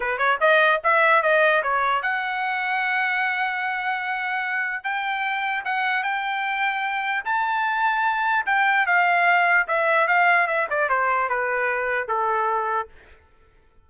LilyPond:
\new Staff \with { instrumentName = "trumpet" } { \time 4/4 \tempo 4 = 149 b'8 cis''8 dis''4 e''4 dis''4 | cis''4 fis''2.~ | fis''1 | g''2 fis''4 g''4~ |
g''2 a''2~ | a''4 g''4 f''2 | e''4 f''4 e''8 d''8 c''4 | b'2 a'2 | }